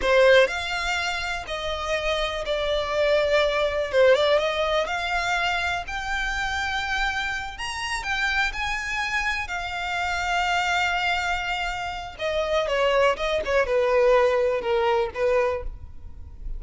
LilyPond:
\new Staff \with { instrumentName = "violin" } { \time 4/4 \tempo 4 = 123 c''4 f''2 dis''4~ | dis''4 d''2. | c''8 d''8 dis''4 f''2 | g''2.~ g''8 ais''8~ |
ais''8 g''4 gis''2 f''8~ | f''1~ | f''4 dis''4 cis''4 dis''8 cis''8 | b'2 ais'4 b'4 | }